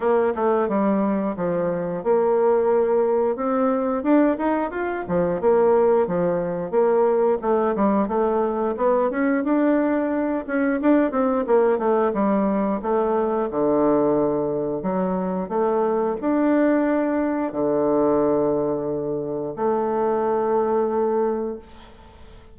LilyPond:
\new Staff \with { instrumentName = "bassoon" } { \time 4/4 \tempo 4 = 89 ais8 a8 g4 f4 ais4~ | ais4 c'4 d'8 dis'8 f'8 f8 | ais4 f4 ais4 a8 g8 | a4 b8 cis'8 d'4. cis'8 |
d'8 c'8 ais8 a8 g4 a4 | d2 fis4 a4 | d'2 d2~ | d4 a2. | }